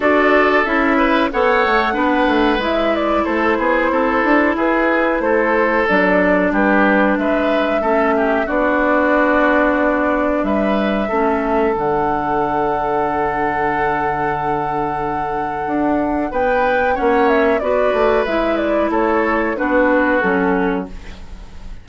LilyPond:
<<
  \new Staff \with { instrumentName = "flute" } { \time 4/4 \tempo 4 = 92 d''4 e''4 fis''2 | e''8 d''8 c''2 b'4 | c''4 d''4 b'4 e''4~ | e''4 d''2. |
e''2 fis''2~ | fis''1~ | fis''4 g''4 fis''8 e''8 d''4 | e''8 d''8 cis''4 b'4 a'4 | }
  \new Staff \with { instrumentName = "oboe" } { \time 4/4 a'4. b'8 cis''4 b'4~ | b'4 a'8 gis'8 a'4 gis'4 | a'2 g'4 b'4 | a'8 g'8 fis'2. |
b'4 a'2.~ | a'1~ | a'4 b'4 cis''4 b'4~ | b'4 a'4 fis'2 | }
  \new Staff \with { instrumentName = "clarinet" } { \time 4/4 fis'4 e'4 a'4 d'4 | e'1~ | e'4 d'2. | cis'4 d'2.~ |
d'4 cis'4 d'2~ | d'1~ | d'2 cis'4 fis'4 | e'2 d'4 cis'4 | }
  \new Staff \with { instrumentName = "bassoon" } { \time 4/4 d'4 cis'4 b8 a8 b8 a8 | gis4 a8 b8 c'8 d'8 e'4 | a4 fis4 g4 gis4 | a4 b2. |
g4 a4 d2~ | d1 | d'4 b4 ais4 b8 a8 | gis4 a4 b4 fis4 | }
>>